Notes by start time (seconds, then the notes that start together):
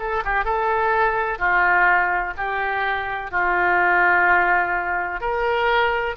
0.00 A4
0.25 G4
0.45 A4
1.39 F4
2.38 G4
3.32 F4
5.21 A#4